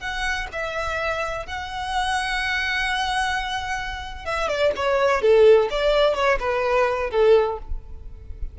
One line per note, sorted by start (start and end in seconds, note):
0.00 0.47 F#5
0.52 1.46 E5
1.46 4.25 F#5
4.25 4.48 E5
4.48 4.72 D5
4.76 5.22 C#5
5.22 5.69 A4
5.71 6.15 D5
6.15 6.39 C#5
6.40 7.11 B4
7.11 7.58 A4